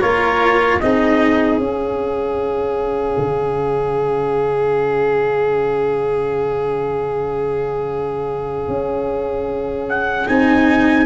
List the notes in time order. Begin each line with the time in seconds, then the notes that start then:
0.00 A#3 F4 A#4 C#5
0.81 C4 D#4 G#4 D#5
1.58 C#4 F5
3.18 C#3
8.68 C#4
9.89 F#5
10.28 C4 D#4 G#5